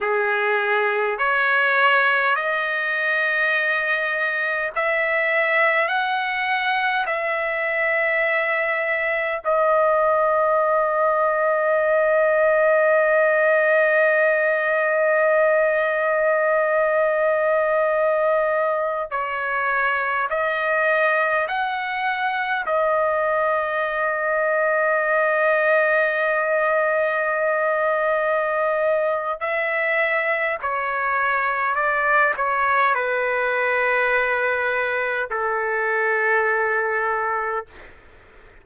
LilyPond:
\new Staff \with { instrumentName = "trumpet" } { \time 4/4 \tempo 4 = 51 gis'4 cis''4 dis''2 | e''4 fis''4 e''2 | dis''1~ | dis''1~ |
dis''16 cis''4 dis''4 fis''4 dis''8.~ | dis''1~ | dis''4 e''4 cis''4 d''8 cis''8 | b'2 a'2 | }